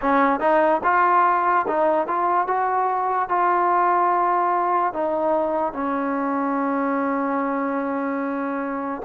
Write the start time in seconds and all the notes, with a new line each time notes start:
0.01 C#4
0.40 D#4
0.83 F4
1.67 D#4
2.07 F4
2.47 F#4
3.28 F4
4.93 D#4
5.73 C#4